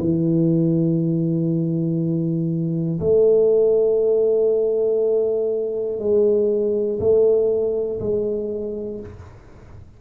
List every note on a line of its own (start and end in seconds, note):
0.00 3.00 E3
3.00 5.99 A3
5.99 6.99 G#3
7.00 8.00 A3
8.00 9.00 G#3